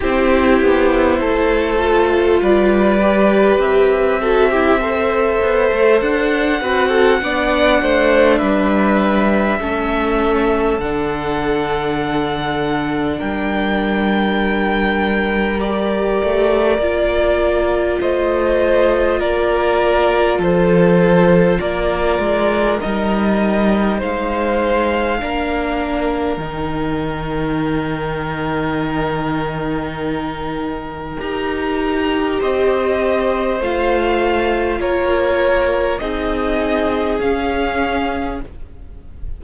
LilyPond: <<
  \new Staff \with { instrumentName = "violin" } { \time 4/4 \tempo 4 = 50 c''2 d''4 e''4~ | e''4 fis''2 e''4~ | e''4 fis''2 g''4~ | g''4 d''2 dis''4 |
d''4 c''4 d''4 dis''4 | f''2 g''2~ | g''2 ais''4 dis''4 | f''4 cis''4 dis''4 f''4 | }
  \new Staff \with { instrumentName = "violin" } { \time 4/4 g'4 a'4 b'4. a'16 g'16 | c''4. b'16 a'16 d''8 c''8 b'4 | a'2. ais'4~ | ais'2. c''4 |
ais'4 a'4 ais'2 | c''4 ais'2.~ | ais'2. c''4~ | c''4 ais'4 gis'2 | }
  \new Staff \with { instrumentName = "viola" } { \time 4/4 e'4. f'4 g'4 fis'16 e'16 | a'4. fis'8 d'2 | cis'4 d'2.~ | d'4 g'4 f'2~ |
f'2. dis'4~ | dis'4 d'4 dis'2~ | dis'2 g'2 | f'2 dis'4 cis'4 | }
  \new Staff \with { instrumentName = "cello" } { \time 4/4 c'8 b8 a4 g4 c'4~ | c'8 b16 a16 d'8 c'8 b8 a8 g4 | a4 d2 g4~ | g4. a8 ais4 a4 |
ais4 f4 ais8 gis8 g4 | gis4 ais4 dis2~ | dis2 dis'4 c'4 | a4 ais4 c'4 cis'4 | }
>>